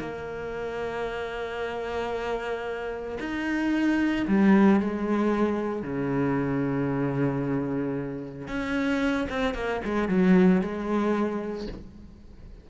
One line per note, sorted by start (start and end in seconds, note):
0.00 3.19 A#3
3.20 4.26 D#4
4.28 4.81 G3
4.81 5.82 G#3
5.82 8.48 C#3
8.48 9.28 C#4
9.30 9.55 C4
9.55 9.81 A#3
9.85 10.09 G#3
10.09 10.61 F#3
10.61 11.68 G#3